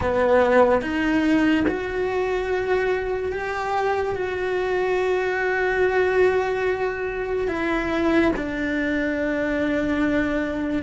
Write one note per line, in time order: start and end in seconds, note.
0.00 0.81 B3
0.81 1.64 D#4
1.67 3.32 F#4
3.32 4.15 G4
4.15 7.48 F#4
7.48 8.31 E4
8.36 10.83 D4